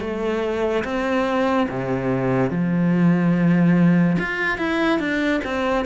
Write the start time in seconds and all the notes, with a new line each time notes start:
0.00 A3
0.84 C4
1.69 C3
2.50 F3
4.19 F4
4.57 E4
4.99 D4
5.44 C4